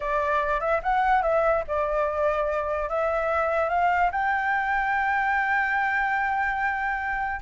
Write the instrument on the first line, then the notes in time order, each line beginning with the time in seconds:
flute
0.00 D5
0.60 E5
0.82 F#5
1.22 E5
1.67 D5
2.89 E5
3.69 F5
4.11 G5